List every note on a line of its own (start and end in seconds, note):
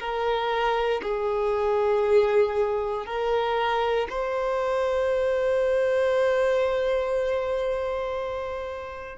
0.00 1.02 A#4
1.03 3.06 G#4
3.06 4.08 A#4
4.10 9.18 C5